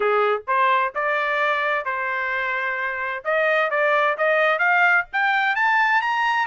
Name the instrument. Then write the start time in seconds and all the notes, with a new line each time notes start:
trumpet
0.00 G#4
0.47 C5
0.94 D5
1.85 C5
3.24 D#5
3.70 D5
4.17 D#5
4.59 F5
5.12 G5
5.55 A5
6.01 A#5